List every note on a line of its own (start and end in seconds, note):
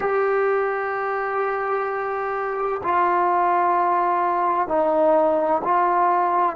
0.00 2.81 G4
2.83 4.68 F4
4.68 5.62 D#4
5.64 6.56 F4